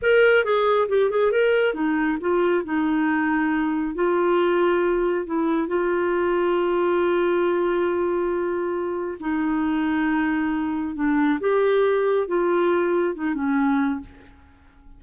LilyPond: \new Staff \with { instrumentName = "clarinet" } { \time 4/4 \tempo 4 = 137 ais'4 gis'4 g'8 gis'8 ais'4 | dis'4 f'4 dis'2~ | dis'4 f'2. | e'4 f'2.~ |
f'1~ | f'4 dis'2.~ | dis'4 d'4 g'2 | f'2 dis'8 cis'4. | }